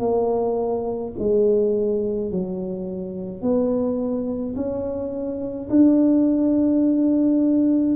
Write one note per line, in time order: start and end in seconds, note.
0.00 1.13 A#3
1.19 2.32 G#3
2.32 3.42 F#3
3.42 4.55 B3
4.56 5.69 C#4
5.70 7.97 D4